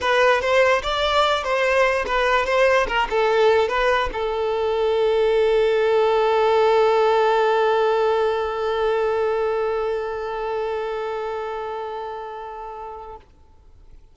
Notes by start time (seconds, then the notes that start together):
0.01 B4
0.41 C5
0.82 D5
1.43 C5
2.06 B4
2.45 C5
2.87 A#4
3.10 A4
3.68 B4
4.12 A4